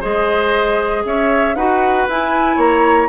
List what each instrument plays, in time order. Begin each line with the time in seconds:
0.00 bassoon G#3, clarinet G#4, oboe C5, flute D#5
1.05 bassoon C#4, oboe C#5, flute E5
1.55 bassoon D#4, clarinet F#4, oboe B4, flute F#5
2.07 bassoon E4, clarinet E4, flute G#5
2.56 bassoon A#3, oboe C#5, flute A#5